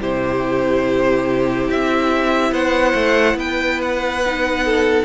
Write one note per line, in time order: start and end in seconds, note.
0.00 1.70 C3
0.00 4.23 E4
0.00 2.53 G4
0.00 1.70 C5
1.70 2.52 C4
1.70 2.54 E5
2.52 2.94 B3
2.52 3.37 C5
2.52 3.38 F#5
2.95 3.34 A3
3.34 5.03 B3
3.34 4.64 B4
3.34 3.81 G5
3.82 5.05 F#5
4.26 5.05 D#4
4.65 5.05 A4